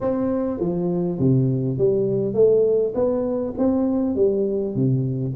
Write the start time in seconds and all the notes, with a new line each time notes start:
0.01 C4
0.59 F3
1.19 C3
1.78 G3
2.34 A3
2.94 B3
3.58 C4
4.15 G3
4.75 C3